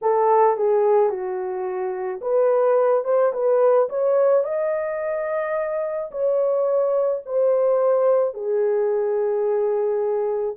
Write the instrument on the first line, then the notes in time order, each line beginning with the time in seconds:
horn
0.02 A4
0.56 G#4
1.09 F#4
2.21 B4
3.04 C5
3.33 B4
3.89 C#5
4.44 D#5
6.11 C#5
7.25 C5
8.34 G#4